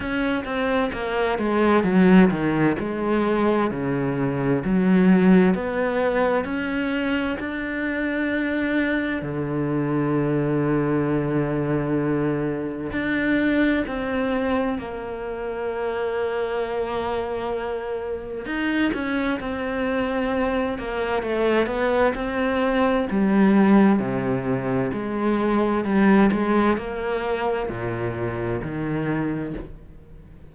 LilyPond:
\new Staff \with { instrumentName = "cello" } { \time 4/4 \tempo 4 = 65 cis'8 c'8 ais8 gis8 fis8 dis8 gis4 | cis4 fis4 b4 cis'4 | d'2 d2~ | d2 d'4 c'4 |
ais1 | dis'8 cis'8 c'4. ais8 a8 b8 | c'4 g4 c4 gis4 | g8 gis8 ais4 ais,4 dis4 | }